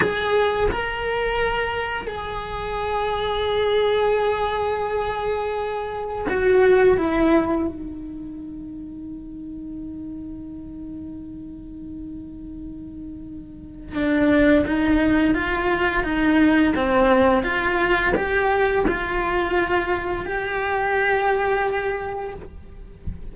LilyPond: \new Staff \with { instrumentName = "cello" } { \time 4/4 \tempo 4 = 86 gis'4 ais'2 gis'4~ | gis'1~ | gis'4 fis'4 e'4 dis'4~ | dis'1~ |
dis'1 | d'4 dis'4 f'4 dis'4 | c'4 f'4 g'4 f'4~ | f'4 g'2. | }